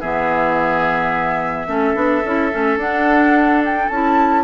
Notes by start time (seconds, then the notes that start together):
0.00 E3 B3 G#4 E5
1.67 A3 C#4 A4
1.94 B3 D4
2.24 C#4 E4
2.50 A3 C#4
2.76 D4 F#5
3.65 G5
3.89 C#4 E4 A5